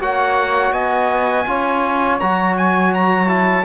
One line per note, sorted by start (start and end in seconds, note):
0.00 0.72 A#3
0.00 1.47 F#4
0.00 0.73 C#5
0.00 0.73 F#5
0.72 1.45 B3
0.72 1.46 D#5
0.72 2.20 G#5
1.47 2.21 C#4
1.47 2.20 F4
1.47 3.66 C#5
2.20 3.66 F#3
2.20 3.28 F#4
2.20 2.57 A#5
2.58 2.94 G#5
2.95 3.29 A#5
3.28 3.64 E4
3.28 3.66 A5